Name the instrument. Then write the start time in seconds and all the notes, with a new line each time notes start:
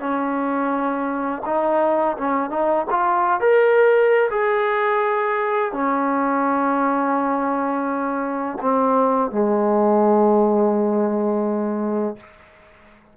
trombone
0.00 C#4
1.46 D#4
2.18 C#4
2.51 D#4
2.91 F4
3.41 A#4
4.31 G#4
5.73 C#4
8.62 C4
9.31 G#3